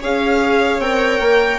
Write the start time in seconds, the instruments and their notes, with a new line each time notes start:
0.00 bassoon C#4, viola G#4, violin C#5 F5
0.78 bassoon C4, viola A#4, violin G5
1.19 bassoon A#3